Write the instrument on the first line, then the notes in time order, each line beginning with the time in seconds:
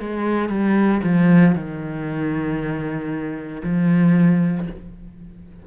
cello
0.00 G#3
0.49 G3
1.04 F3
1.56 D#3
3.63 F3